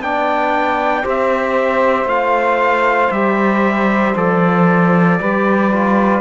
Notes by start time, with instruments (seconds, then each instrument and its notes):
0.00 cello B3, trombone D4, saxophone D5, trumpet G5
1.03 cello C4, trombone G4, saxophone C5, trumpet E5
2.05 cello A3, trombone F4, trumpet F5
3.11 cello G3, trombone G4, trumpet E5
4.16 cello F3, trombone A4, trumpet D5
5.20 cello G3, trombone G4, saxophone B4
5.72 trombone F4